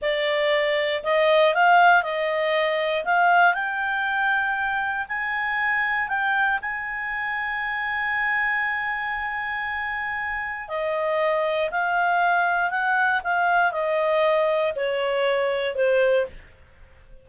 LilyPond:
\new Staff \with { instrumentName = "clarinet" } { \time 4/4 \tempo 4 = 118 d''2 dis''4 f''4 | dis''2 f''4 g''4~ | g''2 gis''2 | g''4 gis''2.~ |
gis''1~ | gis''4 dis''2 f''4~ | f''4 fis''4 f''4 dis''4~ | dis''4 cis''2 c''4 | }